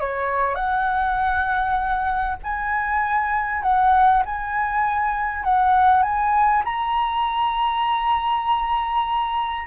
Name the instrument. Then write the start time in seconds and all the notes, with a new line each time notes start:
flute
0.00 C#5
0.55 F#5
2.43 G#5
3.62 F#5
4.25 G#5
5.44 F#5
6.02 G#5
6.65 A#5